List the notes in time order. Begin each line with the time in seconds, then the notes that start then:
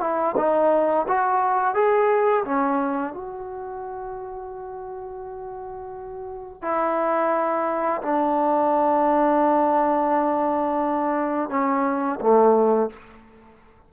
0.00 E4
0.36 D#4
1.08 F#4
1.74 G#4
2.45 C#4
3.13 F#4
6.62 E4
8.02 D4
11.50 C#4
12.20 A3